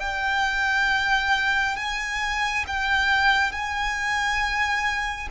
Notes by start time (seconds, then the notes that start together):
0.00 G5
1.76 G#5
2.67 G5
3.52 G#5